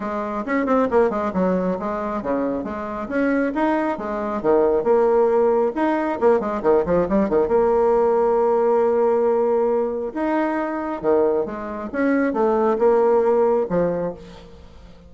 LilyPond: \new Staff \with { instrumentName = "bassoon" } { \time 4/4 \tempo 4 = 136 gis4 cis'8 c'8 ais8 gis8 fis4 | gis4 cis4 gis4 cis'4 | dis'4 gis4 dis4 ais4~ | ais4 dis'4 ais8 gis8 dis8 f8 |
g8 dis8 ais2.~ | ais2. dis'4~ | dis'4 dis4 gis4 cis'4 | a4 ais2 f4 | }